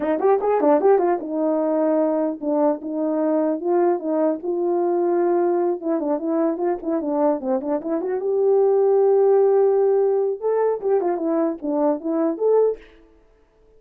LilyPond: \new Staff \with { instrumentName = "horn" } { \time 4/4 \tempo 4 = 150 dis'8 g'8 gis'8 d'8 g'8 f'8 dis'4~ | dis'2 d'4 dis'4~ | dis'4 f'4 dis'4 f'4~ | f'2~ f'8 e'8 d'8 e'8~ |
e'8 f'8 e'8 d'4 c'8 d'8 e'8 | fis'8 g'2.~ g'8~ | g'2 a'4 g'8 f'8 | e'4 d'4 e'4 a'4 | }